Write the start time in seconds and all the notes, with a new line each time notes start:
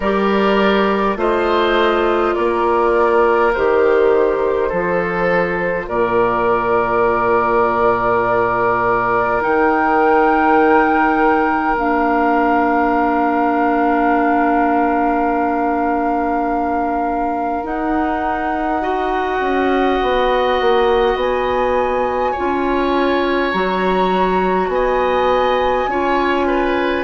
0.00 G3 G4 A#4 D5
1.16 A3 F4 C5 D#5
2.34 A#3 A#4 D5
3.53 D#3 G4 C5
4.68 F3 F4 A4
5.88 A#2 A#4 D5
9.40 D#3 D#4 G5
11.75 A#3 D4 F5
17.63 D#4 F#5
18.81 F#4 D#5
19.40 C#4
20.02 B3
20.61 A#3
21.15 B3 G#5
22.31 F4 C#5
22.38 C#4
23.51 F#3 F#4 A#5
24.67 B3 G#5
24.74 D#5
25.87 C#4 F4 C#5
26.47 B4